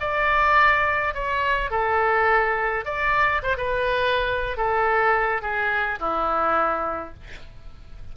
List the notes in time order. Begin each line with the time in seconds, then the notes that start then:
0.00 D5
1.14 C#5
1.71 A4
2.85 D5
3.43 C5
3.57 B4
4.57 A4
5.42 G#4
5.99 E4